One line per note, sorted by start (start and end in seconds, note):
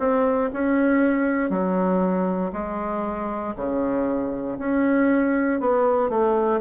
0.00 0.51 C4
0.53 1.50 C#4
1.50 2.52 F#3
2.53 3.55 G#3
3.56 4.58 C#3
4.59 5.61 C#4
5.61 6.10 B3
6.10 6.61 A3